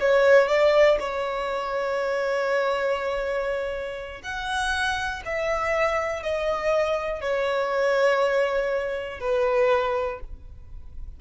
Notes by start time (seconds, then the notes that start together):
0.00 C#5
0.48 D5
1.00 C#5
4.22 F#5
5.25 E5
6.23 D#5
7.21 C#5
9.20 B4